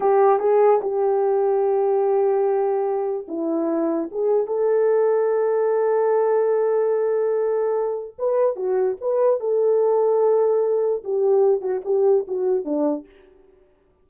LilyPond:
\new Staff \with { instrumentName = "horn" } { \time 4/4 \tempo 4 = 147 g'4 gis'4 g'2~ | g'1 | e'2 gis'4 a'4~ | a'1~ |
a'1 | b'4 fis'4 b'4 a'4~ | a'2. g'4~ | g'8 fis'8 g'4 fis'4 d'4 | }